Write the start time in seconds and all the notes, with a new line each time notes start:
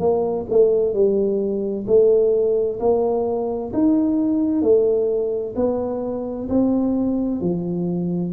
0.00 A#3
0.50 A3
0.94 G3
1.87 A3
2.80 A#3
3.73 D#4
4.62 A3
5.56 B3
6.49 C4
7.41 F3